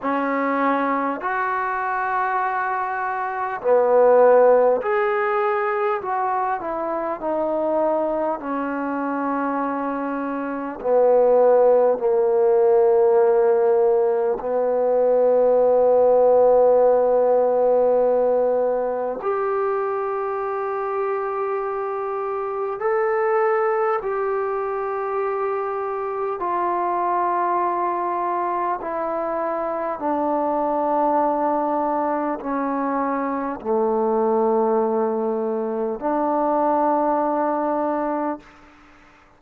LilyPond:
\new Staff \with { instrumentName = "trombone" } { \time 4/4 \tempo 4 = 50 cis'4 fis'2 b4 | gis'4 fis'8 e'8 dis'4 cis'4~ | cis'4 b4 ais2 | b1 |
g'2. a'4 | g'2 f'2 | e'4 d'2 cis'4 | a2 d'2 | }